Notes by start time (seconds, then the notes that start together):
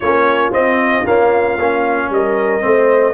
0.00 A#3 C#4 F4 C#5
0.51 C4 D#5
1.06 A#3 C#4 F5
1.57 A#3 C#4
2.09 G3 A#4 D#5
2.60 A3 C4 C5